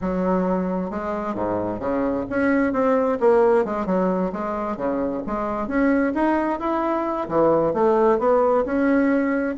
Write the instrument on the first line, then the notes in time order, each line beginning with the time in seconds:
bassoon
0.01 F#3
0.90 G#3
1.35 G#2
1.79 C#3
2.29 C#4
2.73 C4
3.20 A#3
3.64 G#3
3.86 F#3
4.32 G#3
4.76 C#3
5.26 G#3
5.67 C#4
6.14 D#4
6.59 E4
7.28 E3
7.73 A3
8.19 B3
8.65 C#4